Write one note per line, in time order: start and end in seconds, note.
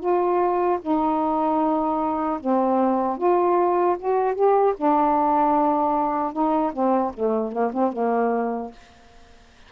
0.00 0.79 F4
0.82 2.40 D#4
2.40 3.18 C4
3.18 3.97 F4
3.99 4.35 F#4
4.35 4.74 G4
4.77 6.33 D4
6.33 6.72 D#4
6.73 7.13 C4
7.14 7.52 A3
7.52 7.72 A#3
7.73 7.93 C4
7.93 8.72 A#3